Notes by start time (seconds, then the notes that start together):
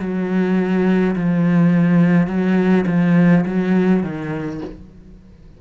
0.00 F#3
1.16 F3
2.28 F#3
2.87 F3
3.46 F#3
4.03 D#3